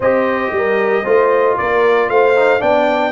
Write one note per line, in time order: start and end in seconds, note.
0.00 0.51 C4
0.00 1.04 G4
0.00 0.52 C5
0.00 1.57 D#5
0.51 1.03 G3
0.51 1.03 A#4
1.03 1.57 A3
1.03 2.35 F4
1.03 1.55 C5
1.57 2.09 A#3
1.57 2.09 A#4
1.57 2.09 D5
2.09 2.61 A3
2.09 2.59 C5
2.09 2.61 F5
2.35 2.60 D#4
2.59 3.12 B3
2.59 3.12 D4
2.59 3.12 D5
2.59 3.12 G5